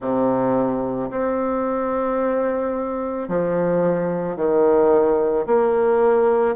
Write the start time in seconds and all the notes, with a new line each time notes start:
0.00 C3
1.10 C4
3.28 F3
4.36 D#3
5.46 A#3